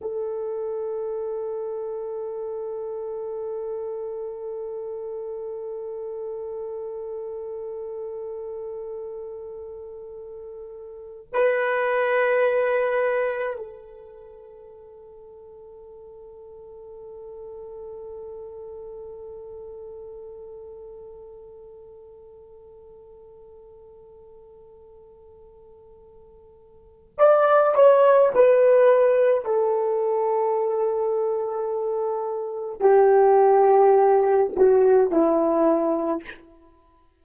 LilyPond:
\new Staff \with { instrumentName = "horn" } { \time 4/4 \tempo 4 = 53 a'1~ | a'1~ | a'2 b'2 | a'1~ |
a'1~ | a'1 | d''8 cis''8 b'4 a'2~ | a'4 g'4. fis'8 e'4 | }